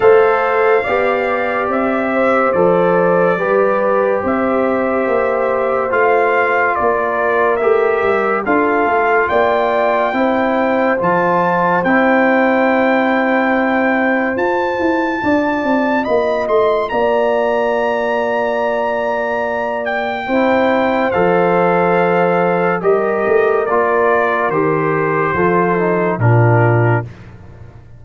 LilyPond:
<<
  \new Staff \with { instrumentName = "trumpet" } { \time 4/4 \tempo 4 = 71 f''2 e''4 d''4~ | d''4 e''2 f''4 | d''4 e''4 f''4 g''4~ | g''4 a''4 g''2~ |
g''4 a''2 b''8 c'''8 | ais''2.~ ais''8 g''8~ | g''4 f''2 dis''4 | d''4 c''2 ais'4 | }
  \new Staff \with { instrumentName = "horn" } { \time 4/4 c''4 d''4. c''4. | b'4 c''2. | ais'2 a'4 d''4 | c''1~ |
c''2 d''4 dis''4 | d''1 | c''2. ais'4~ | ais'2 a'4 f'4 | }
  \new Staff \with { instrumentName = "trombone" } { \time 4/4 a'4 g'2 a'4 | g'2. f'4~ | f'4 g'4 f'2 | e'4 f'4 e'2~ |
e'4 f'2.~ | f'1 | e'4 a'2 g'4 | f'4 g'4 f'8 dis'8 d'4 | }
  \new Staff \with { instrumentName = "tuba" } { \time 4/4 a4 b4 c'4 f4 | g4 c'4 ais4 a4 | ais4 a8 g8 d'8 a8 ais4 | c'4 f4 c'2~ |
c'4 f'8 e'8 d'8 c'8 ais8 a8 | ais1 | c'4 f2 g8 a8 | ais4 dis4 f4 ais,4 | }
>>